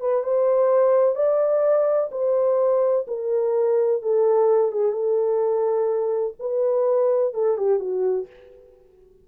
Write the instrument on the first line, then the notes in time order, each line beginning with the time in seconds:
horn
0.00 B4
0.24 C5
1.15 D5
2.12 C5
3.08 A#4
4.02 A4
4.72 G#4
4.92 A4
6.40 B4
7.34 A4
7.57 G4
7.79 F#4